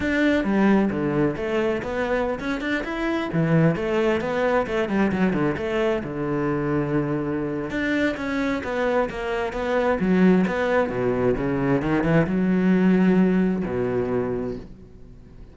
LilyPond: \new Staff \with { instrumentName = "cello" } { \time 4/4 \tempo 4 = 132 d'4 g4 d4 a4 | b4~ b16 cis'8 d'8 e'4 e8.~ | e16 a4 b4 a8 g8 fis8 d16~ | d16 a4 d2~ d8.~ |
d4 d'4 cis'4 b4 | ais4 b4 fis4 b4 | b,4 cis4 dis8 e8 fis4~ | fis2 b,2 | }